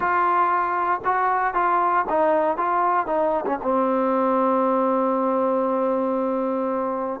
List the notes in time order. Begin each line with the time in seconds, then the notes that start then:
0.00 F4
1.05 F#4
1.54 F4
2.09 D#4
2.57 F4
3.06 D#4
3.45 C#4
3.62 C4